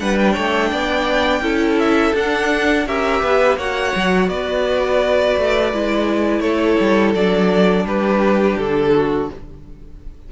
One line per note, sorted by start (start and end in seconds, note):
0.00 0.37 G3
0.00 1.43 D4
0.00 0.33 B4
0.00 0.18 F#5
0.19 1.79 G5
0.33 0.72 A3
0.33 0.69 C#5
0.72 1.41 B3
0.72 1.42 D5
1.41 2.13 C#4
1.41 2.14 E4
1.41 2.85 A4
1.79 2.15 E5
2.15 2.86 D4
2.15 2.87 D4
2.15 2.88 F#5
2.86 3.22 C#4
2.86 3.59 G4
2.86 3.22 A#4
2.86 3.58 E5
3.22 3.57 B3
3.22 3.58 B4
3.57 3.93 A#3
3.57 5.74 F#4
3.57 4.29 C#5
3.57 4.29 F#5
3.96 4.28 F#3
4.28 5.35 B3
4.28 6.43 B4
4.28 6.41 D5
5.38 5.74 A3
5.74 6.40 G#3
5.74 7.17 E4
6.40 6.76 A3
6.40 7.85 A4
6.40 7.12 C#5
6.80 7.15 G3
7.15 7.85 F#3
7.15 9.32 D4
7.15 7.87 D5
7.85 8.57 G3
7.85 8.94 G4
7.85 8.58 B4
8.58 9.30 D3
8.58 9.29 A4
8.95 9.31 F#4